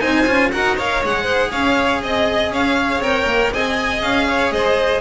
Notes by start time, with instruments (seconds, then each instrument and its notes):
0.00 double bass C4, cello D#4, violin C5 G#5
0.27 double bass C#4, cello F4
0.52 double bass D#4, cello F#4, violin A#4 F#5
0.76 cello A#4, violin C#5 F5
1.04 double bass G#3, cello G#4, violin F#5
1.24 violin C5
1.51 double bass C#4, violin C#5 F5
2.01 double bass C4, violin D#5
2.50 double bass C#4, violin C#5 F5
2.99 double bass C4, cello A#4, violin G5
3.26 double bass A#3
3.52 double bass C4, cello G#4, violin D#5 G#5
4.02 double bass C#4, violin F5
4.29 violin C#5
4.52 double bass G#3, violin C5 D#5